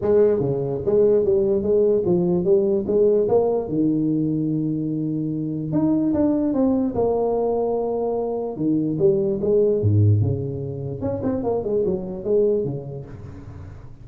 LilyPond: \new Staff \with { instrumentName = "tuba" } { \time 4/4 \tempo 4 = 147 gis4 cis4 gis4 g4 | gis4 f4 g4 gis4 | ais4 dis2.~ | dis2 dis'4 d'4 |
c'4 ais2.~ | ais4 dis4 g4 gis4 | gis,4 cis2 cis'8 c'8 | ais8 gis8 fis4 gis4 cis4 | }